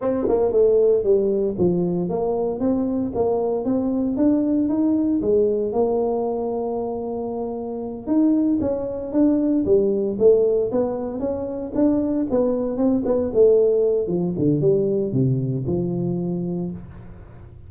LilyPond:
\new Staff \with { instrumentName = "tuba" } { \time 4/4 \tempo 4 = 115 c'8 ais8 a4 g4 f4 | ais4 c'4 ais4 c'4 | d'4 dis'4 gis4 ais4~ | ais2.~ ais8 dis'8~ |
dis'8 cis'4 d'4 g4 a8~ | a8 b4 cis'4 d'4 b8~ | b8 c'8 b8 a4. f8 d8 | g4 c4 f2 | }